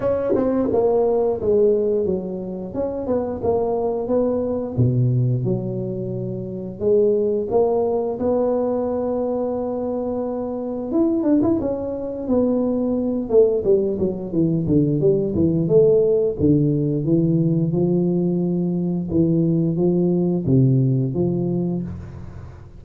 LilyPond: \new Staff \with { instrumentName = "tuba" } { \time 4/4 \tempo 4 = 88 cis'8 c'8 ais4 gis4 fis4 | cis'8 b8 ais4 b4 b,4 | fis2 gis4 ais4 | b1 |
e'8 d'16 e'16 cis'4 b4. a8 | g8 fis8 e8 d8 g8 e8 a4 | d4 e4 f2 | e4 f4 c4 f4 | }